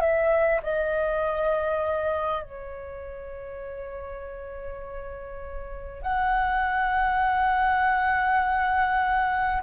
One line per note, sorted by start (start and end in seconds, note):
0.00 0.60 E5
0.62 2.42 D#5
2.42 6.02 C#5
6.02 9.62 F#5